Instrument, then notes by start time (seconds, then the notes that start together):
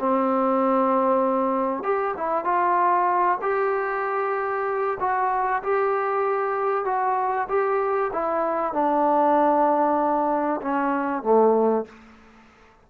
trombone
0.00 C4
1.84 G4
2.17 E4
2.45 F4
3.42 G4
5.00 F#4
5.64 G4
6.86 F#4
7.49 G4
8.13 E4
8.74 D4
10.62 C#4
11.23 A3